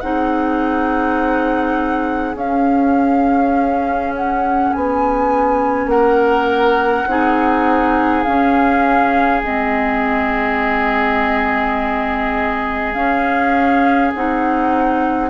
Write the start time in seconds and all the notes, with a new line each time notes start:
0.00 C4 D#4 G#4 F#5
2.35 C#4 F5
4.15 F#5
4.73 B3 G#5
5.86 A#3 A#4 F#5
7.07 C4 D#4 G#4
8.24 C#4 F5
9.42 G#3 C4 D#5
12.93 C#4 F5
14.14 C4 D#4 F#5